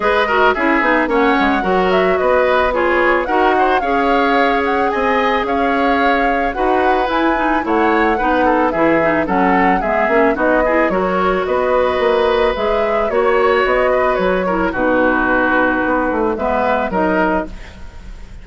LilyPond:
<<
  \new Staff \with { instrumentName = "flute" } { \time 4/4 \tempo 4 = 110 dis''4 e''4 fis''4. e''8 | dis''4 cis''4 fis''4 f''4~ | f''8 fis''8 gis''4 f''2 | fis''4 gis''4 fis''2 |
e''4 fis''4 e''4 dis''4 | cis''4 dis''2 e''4 | cis''4 dis''4 cis''4 b'4~ | b'2 e''4 dis''4 | }
  \new Staff \with { instrumentName = "oboe" } { \time 4/4 b'8 ais'8 gis'4 cis''4 ais'4 | b'4 gis'4 ais'8 c''8 cis''4~ | cis''4 dis''4 cis''2 | b'2 cis''4 b'8 a'8 |
gis'4 a'4 gis'4 fis'8 gis'8 | ais'4 b'2. | cis''4. b'4 ais'8 fis'4~ | fis'2 b'4 ais'4 | }
  \new Staff \with { instrumentName = "clarinet" } { \time 4/4 gis'8 fis'8 e'8 dis'8 cis'4 fis'4~ | fis'4 f'4 fis'4 gis'4~ | gis'1 | fis'4 e'8 dis'8 e'4 dis'4 |
e'8 dis'8 cis'4 b8 cis'8 dis'8 e'8 | fis'2. gis'4 | fis'2~ fis'8 e'8 dis'4~ | dis'2 b4 dis'4 | }
  \new Staff \with { instrumentName = "bassoon" } { \time 4/4 gis4 cis'8 b8 ais8 gis8 fis4 | b2 dis'4 cis'4~ | cis'4 c'4 cis'2 | dis'4 e'4 a4 b4 |
e4 fis4 gis8 ais8 b4 | fis4 b4 ais4 gis4 | ais4 b4 fis4 b,4~ | b,4 b8 a8 gis4 fis4 | }
>>